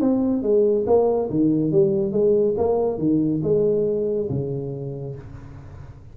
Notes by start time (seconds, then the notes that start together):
0.00 C4
0.42 G#3
0.86 A#3
1.30 D#3
1.72 G3
2.12 G#3
2.57 A#3
2.98 D#3
3.43 G#3
4.29 C#3